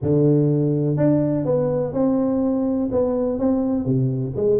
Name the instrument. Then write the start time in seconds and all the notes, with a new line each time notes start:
tuba
0.02 D3
0.96 D4
1.45 B3
1.93 C4
2.91 B3
3.38 C4
3.85 C3
4.35 G#3